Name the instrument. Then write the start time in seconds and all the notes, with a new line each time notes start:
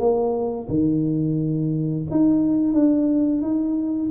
tuba
0.00 A#3
0.69 D#3
2.11 D#4
2.74 D4
3.42 D#4